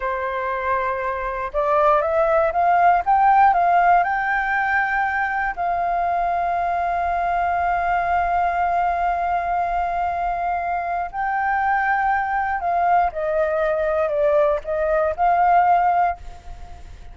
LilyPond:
\new Staff \with { instrumentName = "flute" } { \time 4/4 \tempo 4 = 119 c''2. d''4 | e''4 f''4 g''4 f''4 | g''2. f''4~ | f''1~ |
f''1~ | f''2 g''2~ | g''4 f''4 dis''2 | d''4 dis''4 f''2 | }